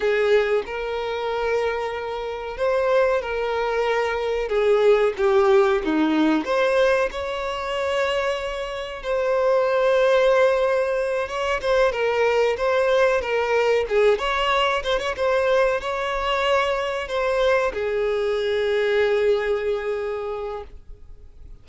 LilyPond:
\new Staff \with { instrumentName = "violin" } { \time 4/4 \tempo 4 = 93 gis'4 ais'2. | c''4 ais'2 gis'4 | g'4 dis'4 c''4 cis''4~ | cis''2 c''2~ |
c''4. cis''8 c''8 ais'4 c''8~ | c''8 ais'4 gis'8 cis''4 c''16 cis''16 c''8~ | c''8 cis''2 c''4 gis'8~ | gis'1 | }